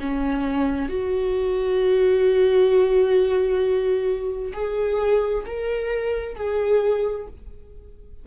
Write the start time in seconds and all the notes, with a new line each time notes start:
0.00 C#4
0.89 F#4
4.54 G#4
5.46 A#4
6.36 G#4